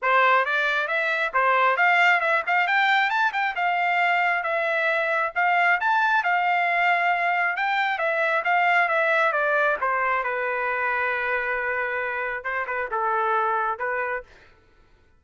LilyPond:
\new Staff \with { instrumentName = "trumpet" } { \time 4/4 \tempo 4 = 135 c''4 d''4 e''4 c''4 | f''4 e''8 f''8 g''4 a''8 g''8 | f''2 e''2 | f''4 a''4 f''2~ |
f''4 g''4 e''4 f''4 | e''4 d''4 c''4 b'4~ | b'1 | c''8 b'8 a'2 b'4 | }